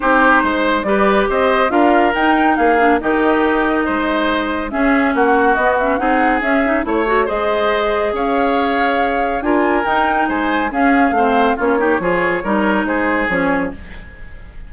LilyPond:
<<
  \new Staff \with { instrumentName = "flute" } { \time 4/4 \tempo 4 = 140 c''2 d''4 dis''4 | f''4 g''4 f''4 dis''4~ | dis''2. e''4 | fis''4 dis''8 e''8 fis''4 e''4 |
cis''4 dis''2 f''4~ | f''2 gis''4 g''4 | gis''4 f''2 cis''4~ | cis''2 c''4 cis''4 | }
  \new Staff \with { instrumentName = "oboe" } { \time 4/4 g'4 c''4 b'4 c''4 | ais'2 gis'4 g'4~ | g'4 c''2 gis'4 | fis'2 gis'2 |
cis''4 c''2 cis''4~ | cis''2 ais'2 | c''4 gis'4 c''4 f'8 g'8 | gis'4 ais'4 gis'2 | }
  \new Staff \with { instrumentName = "clarinet" } { \time 4/4 dis'2 g'2 | f'4 dis'4. d'8 dis'4~ | dis'2. cis'4~ | cis'4 b8 cis'8 dis'4 cis'8 dis'8 |
e'8 fis'8 gis'2.~ | gis'2 f'4 dis'4~ | dis'4 cis'4 c'4 cis'8 dis'8 | f'4 dis'2 cis'4 | }
  \new Staff \with { instrumentName = "bassoon" } { \time 4/4 c'4 gis4 g4 c'4 | d'4 dis'4 ais4 dis4~ | dis4 gis2 cis'4 | ais4 b4 c'4 cis'4 |
a4 gis2 cis'4~ | cis'2 d'4 dis'4 | gis4 cis'4 a4 ais4 | f4 g4 gis4 f4 | }
>>